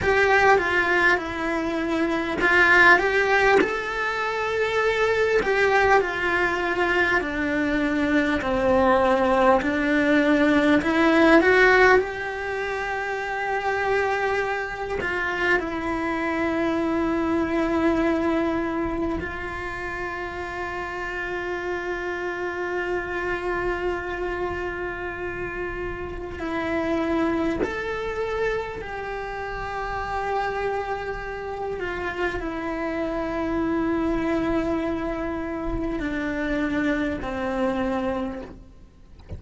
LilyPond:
\new Staff \with { instrumentName = "cello" } { \time 4/4 \tempo 4 = 50 g'8 f'8 e'4 f'8 g'8 a'4~ | a'8 g'8 f'4 d'4 c'4 | d'4 e'8 fis'8 g'2~ | g'8 f'8 e'2. |
f'1~ | f'2 e'4 a'4 | g'2~ g'8 f'8 e'4~ | e'2 d'4 c'4 | }